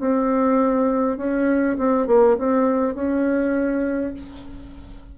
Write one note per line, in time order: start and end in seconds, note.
0.00 1.17 C4
1.17 1.77 C#4
1.78 2.07 C4
2.07 2.37 A#3
2.38 2.95 C4
2.95 4.14 C#4